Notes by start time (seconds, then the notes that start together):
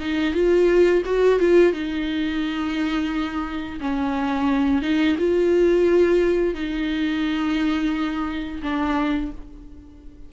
0.00 D#4
0.34 F4
1.05 F#4
1.40 F4
1.73 D#4
3.81 C#4
4.82 D#4
5.18 F4
6.55 D#4
8.62 D4